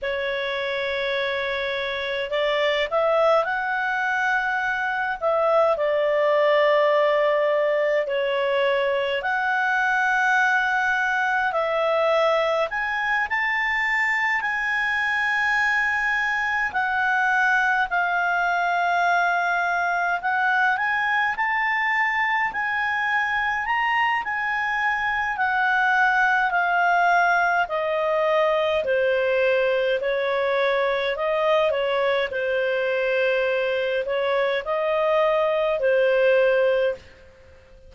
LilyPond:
\new Staff \with { instrumentName = "clarinet" } { \time 4/4 \tempo 4 = 52 cis''2 d''8 e''8 fis''4~ | fis''8 e''8 d''2 cis''4 | fis''2 e''4 gis''8 a''8~ | a''8 gis''2 fis''4 f''8~ |
f''4. fis''8 gis''8 a''4 gis''8~ | gis''8 ais''8 gis''4 fis''4 f''4 | dis''4 c''4 cis''4 dis''8 cis''8 | c''4. cis''8 dis''4 c''4 | }